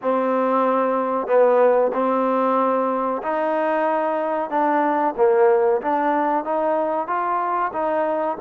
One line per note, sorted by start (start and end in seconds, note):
0.02 1.27 C4
1.27 1.91 B3
1.93 3.22 C4
3.22 4.50 D#4
4.50 5.14 D4
5.16 5.81 A#3
5.81 6.44 D4
6.44 7.07 D#4
7.07 7.71 F4
7.72 8.37 D#4